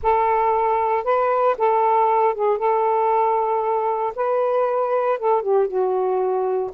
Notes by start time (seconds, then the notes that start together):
0.02 A4
1.03 B4
1.58 A4
2.34 G#4
2.57 A4
4.15 B4
5.18 A4
5.42 G4
5.67 F#4